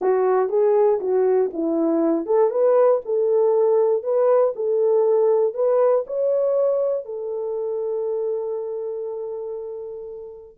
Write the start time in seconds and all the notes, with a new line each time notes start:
0.01 F#4
0.49 G#4
1.00 F#4
1.53 E4
2.26 A4
2.50 B4
3.05 A4
4.03 B4
4.55 A4
5.54 B4
6.06 C#5
7.05 A4